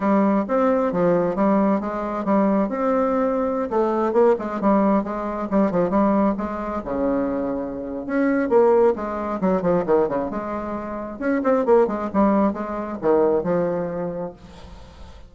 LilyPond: \new Staff \with { instrumentName = "bassoon" } { \time 4/4 \tempo 4 = 134 g4 c'4 f4 g4 | gis4 g4 c'2~ | c'16 a4 ais8 gis8 g4 gis8.~ | gis16 g8 f8 g4 gis4 cis8.~ |
cis2 cis'4 ais4 | gis4 fis8 f8 dis8 cis8 gis4~ | gis4 cis'8 c'8 ais8 gis8 g4 | gis4 dis4 f2 | }